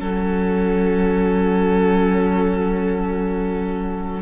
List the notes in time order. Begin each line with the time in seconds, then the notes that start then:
0.00 F#3 C#4 A4 F#5